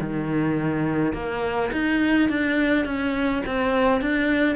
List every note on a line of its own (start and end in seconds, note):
0.00 1.13 D#3
1.13 1.70 A#3
1.72 2.29 D#4
2.29 2.85 D4
2.85 3.42 C#4
3.46 4.01 C4
4.01 4.56 D4